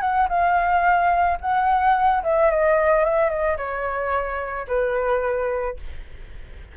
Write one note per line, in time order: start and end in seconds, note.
0.00 0.27 F#5
0.29 1.38 F5
1.41 2.22 F#5
2.23 2.50 E5
2.50 3.04 D#5
3.04 3.29 E5
3.29 3.57 D#5
3.57 4.66 C#5
4.67 5.76 B4